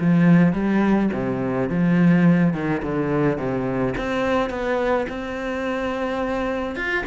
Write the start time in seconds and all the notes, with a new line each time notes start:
0.00 F3
0.53 G3
1.13 C3
1.69 F3
2.53 D#3
2.83 D3
3.37 C3
3.97 C4
4.49 B3
5.09 C4
6.75 F4